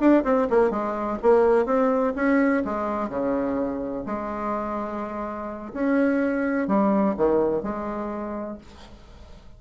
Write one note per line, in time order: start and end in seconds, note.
0.00 0.24 D4
0.24 0.48 C4
0.50 0.71 A#3
0.71 1.18 G#3
1.23 1.66 A#3
1.66 2.14 C4
2.16 2.64 C#4
2.65 3.09 G#3
3.09 4.05 C#3
4.06 5.73 G#3
5.73 6.68 C#4
6.68 7.16 G3
7.17 7.63 D#3
7.63 8.58 G#3